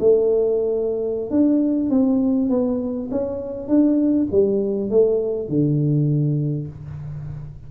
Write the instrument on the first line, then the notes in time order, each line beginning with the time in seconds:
tuba
0.00 A3
1.30 D4
1.90 C4
2.50 B3
3.11 C#4
3.68 D4
4.32 G3
4.90 A3
5.49 D3